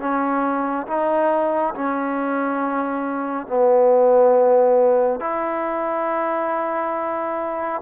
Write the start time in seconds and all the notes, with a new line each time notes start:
0.00 C#4
0.87 D#4
1.75 C#4
3.47 B3
5.21 E4